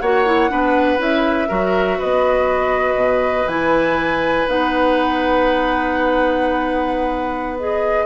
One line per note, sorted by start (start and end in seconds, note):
0.00 0.51 A#3
0.00 0.26 F#4
0.00 0.51 C#5
0.00 0.99 F#5
0.26 0.50 E4
0.50 0.99 B3
0.50 0.98 D4
0.50 1.48 B4
0.98 1.48 C#4
0.98 1.48 E4
0.98 2.01 E5
1.48 2.00 F#3
1.48 3.47 F#4
1.48 1.98 A#4
1.98 2.95 B3
1.98 8.06 B4
1.98 3.48 D#5
2.95 3.45 B2
3.47 4.46 E3
3.47 4.47 E4
3.47 4.47 G#5
4.47 8.06 B3
4.47 7.57 D#4
4.47 7.59 F#5
7.59 8.06 G#4
7.59 8.06 D#5